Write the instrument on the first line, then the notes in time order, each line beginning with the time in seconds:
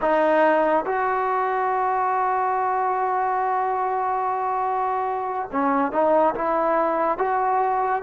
trombone
0.01 D#4
0.85 F#4
5.51 C#4
5.92 D#4
6.34 E4
7.18 F#4